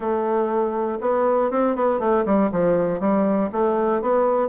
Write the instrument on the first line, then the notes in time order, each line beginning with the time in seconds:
bassoon
0.00 A3
1.00 B3
1.50 C4
1.75 B3
1.99 A3
2.25 G3
2.51 F3
3.00 G3
3.52 A3
4.01 B3